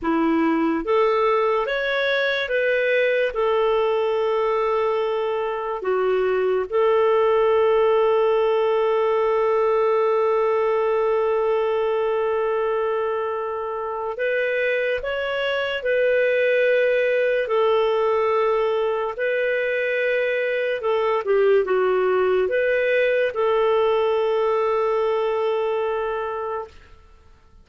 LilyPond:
\new Staff \with { instrumentName = "clarinet" } { \time 4/4 \tempo 4 = 72 e'4 a'4 cis''4 b'4 | a'2. fis'4 | a'1~ | a'1~ |
a'4 b'4 cis''4 b'4~ | b'4 a'2 b'4~ | b'4 a'8 g'8 fis'4 b'4 | a'1 | }